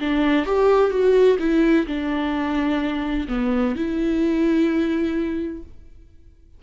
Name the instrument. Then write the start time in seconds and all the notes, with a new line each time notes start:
viola
0.00 D4
0.46 G4
0.91 F#4
1.39 E4
1.87 D4
3.29 B3
3.75 E4